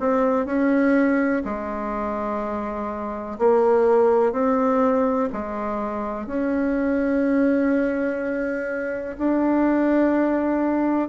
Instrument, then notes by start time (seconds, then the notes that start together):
bassoon
0.00 C4
0.46 C#4
1.45 G#3
3.39 A#3
4.33 C4
5.33 G#3
6.27 C#4
9.18 D4